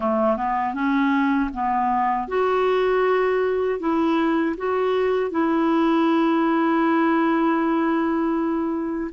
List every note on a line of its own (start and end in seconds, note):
0.00 0.37 A3
0.37 0.74 B3
0.74 1.50 C#4
1.53 2.28 B3
2.28 3.79 F#4
3.79 4.55 E4
4.57 5.31 F#4
5.31 9.10 E4